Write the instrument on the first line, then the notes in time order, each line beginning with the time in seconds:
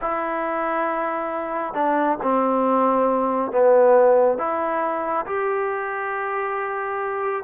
trombone
0.01 E4
1.74 D4
2.22 C4
3.51 B3
4.38 E4
5.26 G4